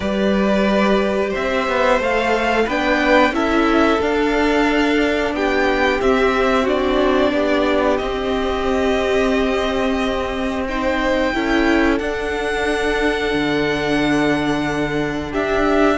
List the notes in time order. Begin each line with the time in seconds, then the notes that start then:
0.00 G3 G4 B4 D5
1.29 C4 C5 E5
1.68 B3
1.99 A3 A4 F5
2.65 B3 D4 B4 G5
3.31 C#4 E4 A4 E5
4.00 D4 F5
5.32 B3 G4 G5
6.00 C4 E5
6.63 D4 F#4 D5
7.32 B3 G4
7.97 C4 D#5
10.67 D#4 C5 G5
11.33 C#4 E4 A4
11.98 D4 F#5
13.34 D3
15.31 D4 G4 E5